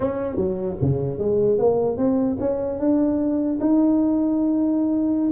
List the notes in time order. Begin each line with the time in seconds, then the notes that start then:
0.00 C#4
0.36 F#3
0.81 C#3
1.18 G#3
1.58 A#3
1.97 C4
2.39 C#4
2.79 D4
3.60 D#4